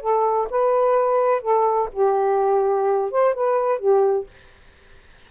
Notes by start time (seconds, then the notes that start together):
0.00 A4
0.50 B4
1.41 A4
1.92 G4
3.10 C5
3.34 B4
3.79 G4